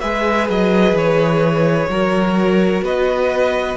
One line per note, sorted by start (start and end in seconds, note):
0.00 0.49 G#3
0.00 1.89 G#4
0.00 1.88 B4
0.00 0.47 E5
0.49 0.93 F#3
0.49 0.97 D#5
0.93 1.86 E3
0.93 2.84 C#5
1.89 2.82 F#3
1.89 3.76 F#4
1.89 2.84 A#4
2.82 3.76 B3
2.82 3.76 B4
2.82 3.76 D#5